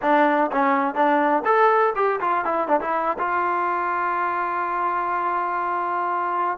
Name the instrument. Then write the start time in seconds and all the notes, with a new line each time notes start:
trombone
0.01 D4
0.51 C#4
0.94 D4
1.45 A4
1.95 G4
2.20 F4
2.44 E4
2.68 D4
2.80 E4
3.18 F4